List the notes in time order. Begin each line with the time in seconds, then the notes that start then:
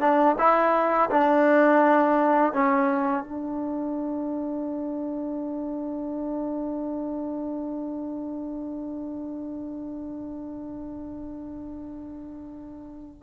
0.00 D4
0.38 E4
1.10 D4
2.53 C#4
3.23 D4